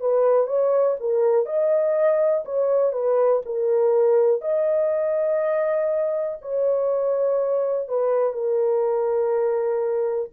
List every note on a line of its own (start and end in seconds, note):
0.00 0.47 B4
0.47 0.96 C#5
1.00 1.46 A#4
1.46 2.44 D#5
2.45 2.92 C#5
2.92 3.42 B4
3.46 4.41 A#4
4.41 6.38 D#5
6.41 7.88 C#5
7.88 8.33 B4
8.33 10.30 A#4